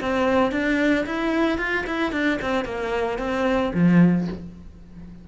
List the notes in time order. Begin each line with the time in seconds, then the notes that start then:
0.00 C4
0.51 D4
1.06 E4
1.58 F4
1.86 E4
2.12 D4
2.41 C4
2.65 A#3
3.18 C4
3.74 F3